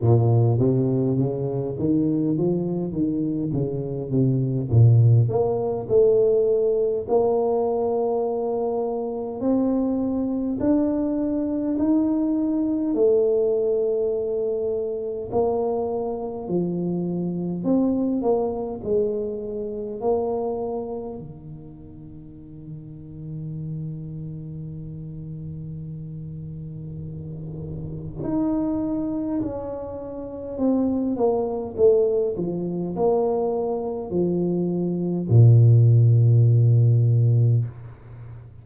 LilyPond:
\new Staff \with { instrumentName = "tuba" } { \time 4/4 \tempo 4 = 51 ais,8 c8 cis8 dis8 f8 dis8 cis8 c8 | ais,8 ais8 a4 ais2 | c'4 d'4 dis'4 a4~ | a4 ais4 f4 c'8 ais8 |
gis4 ais4 dis2~ | dis1 | dis'4 cis'4 c'8 ais8 a8 f8 | ais4 f4 ais,2 | }